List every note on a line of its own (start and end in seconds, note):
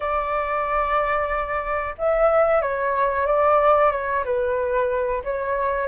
0.00 1.94 D5
1.97 2.61 E5
2.61 3.26 C#5
3.26 3.91 D5
3.91 4.24 C#5
4.25 5.22 B4
5.24 5.87 C#5